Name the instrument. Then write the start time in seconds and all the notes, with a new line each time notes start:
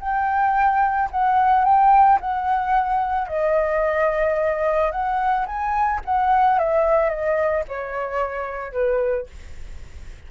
flute
0.00 G5
1.11 F#5
1.64 G5
2.20 F#5
3.27 D#5
4.91 F#5
5.46 G#5
6.05 F#5
6.59 E5
7.09 D#5
7.68 C#5
8.72 B4